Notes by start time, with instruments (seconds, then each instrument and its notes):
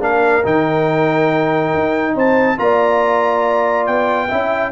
0.00 tuba A#3, trombone D4, horn A#4, trumpet F5
0.44 tuba D#3, trombone D#4, trumpet G5
1.74 tuba D#4
2.14 tuba C4, horn C5, trumpet A5
2.58 tuba A#3, trombone F4, horn D5, trumpet A#5
3.87 tuba B3, trumpet G5
4.29 tuba C#4, trombone E4, horn E5